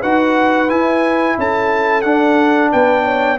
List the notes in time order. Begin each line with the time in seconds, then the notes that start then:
0.00 D#4 F#4 B4 F#5
0.68 E4 G#5
1.37 C#4 A4 A5
2.01 D4 F#5
2.71 B3 B4 G5
3.04 C#5